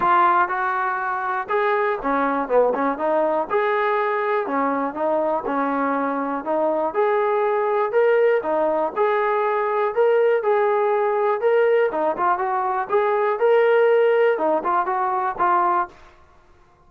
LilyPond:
\new Staff \with { instrumentName = "trombone" } { \time 4/4 \tempo 4 = 121 f'4 fis'2 gis'4 | cis'4 b8 cis'8 dis'4 gis'4~ | gis'4 cis'4 dis'4 cis'4~ | cis'4 dis'4 gis'2 |
ais'4 dis'4 gis'2 | ais'4 gis'2 ais'4 | dis'8 f'8 fis'4 gis'4 ais'4~ | ais'4 dis'8 f'8 fis'4 f'4 | }